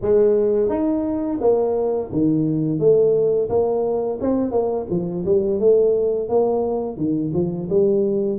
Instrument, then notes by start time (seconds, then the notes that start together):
tuba
0.01 G#3
0.68 D#4
1.40 A#3
2.12 D#3
2.79 A3
3.49 A#3
4.21 C4
4.51 A#3
4.90 F3
5.25 G3
5.59 A3
6.28 A#3
6.96 D#3
7.33 F3
7.69 G3